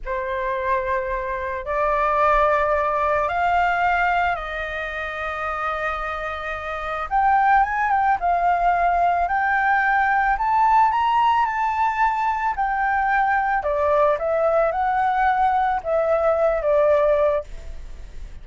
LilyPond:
\new Staff \with { instrumentName = "flute" } { \time 4/4 \tempo 4 = 110 c''2. d''4~ | d''2 f''2 | dis''1~ | dis''4 g''4 gis''8 g''8 f''4~ |
f''4 g''2 a''4 | ais''4 a''2 g''4~ | g''4 d''4 e''4 fis''4~ | fis''4 e''4. d''4. | }